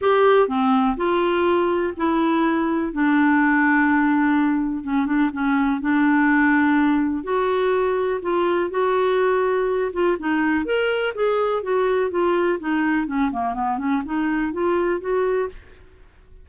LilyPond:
\new Staff \with { instrumentName = "clarinet" } { \time 4/4 \tempo 4 = 124 g'4 c'4 f'2 | e'2 d'2~ | d'2 cis'8 d'8 cis'4 | d'2. fis'4~ |
fis'4 f'4 fis'2~ | fis'8 f'8 dis'4 ais'4 gis'4 | fis'4 f'4 dis'4 cis'8 ais8 | b8 cis'8 dis'4 f'4 fis'4 | }